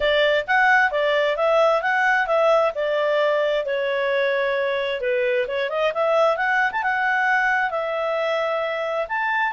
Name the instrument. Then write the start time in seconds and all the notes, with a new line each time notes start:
clarinet
0.00 D5
0.47 F#5
0.91 D5
1.36 E5
1.82 F#5
2.26 E5
2.74 D5
3.65 C#5
5.01 B4
5.47 C#5
5.69 D#5
5.94 E5
6.37 F#5
6.72 A5
6.82 F#5
7.70 E5
9.08 A5